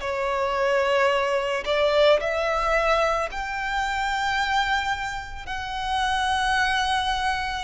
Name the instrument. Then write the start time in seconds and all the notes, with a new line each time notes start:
violin
0.00 C#5
1.65 D5
2.20 E5
3.31 G5
5.46 F#5